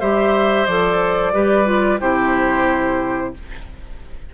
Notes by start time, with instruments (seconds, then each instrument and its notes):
0.00 bassoon G3, clarinet G4, oboe C5, flute E5
0.66 bassoon F3, clarinet A4, flute D5
1.33 bassoon G3, clarinet G4, oboe B4
1.65 clarinet F4
2.00 bassoon C3, clarinet E4, oboe G4, flute C5